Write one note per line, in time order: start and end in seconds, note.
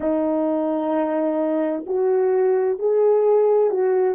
0.00 1.84 D#4
1.86 2.78 F#4
2.78 3.70 G#4
3.70 4.15 F#4